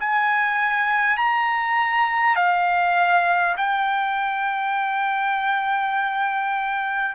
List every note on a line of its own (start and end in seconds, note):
0.00 1.17 G#5
1.17 2.36 A#5
2.36 3.56 F5
3.57 7.15 G5